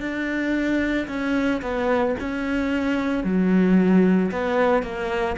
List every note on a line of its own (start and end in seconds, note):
0.00 1.07 D4
1.08 1.61 C#4
1.62 2.15 B3
2.20 3.23 C#4
3.23 4.31 F#3
4.31 4.83 B3
4.83 5.36 A#3